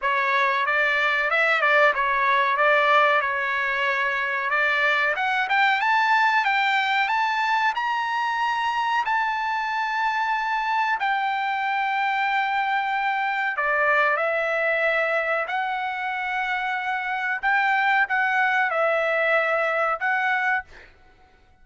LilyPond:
\new Staff \with { instrumentName = "trumpet" } { \time 4/4 \tempo 4 = 93 cis''4 d''4 e''8 d''8 cis''4 | d''4 cis''2 d''4 | fis''8 g''8 a''4 g''4 a''4 | ais''2 a''2~ |
a''4 g''2.~ | g''4 d''4 e''2 | fis''2. g''4 | fis''4 e''2 fis''4 | }